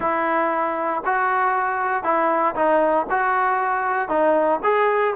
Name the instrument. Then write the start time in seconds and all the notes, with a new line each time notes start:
trombone
0.00 E4
1.05 F#4
2.03 E4
2.55 D#4
3.09 F#4
4.08 D#4
4.63 G#4